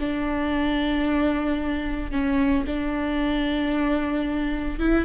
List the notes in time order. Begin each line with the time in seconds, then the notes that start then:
0.00 D4
2.12 C#4
2.67 D4
4.79 E4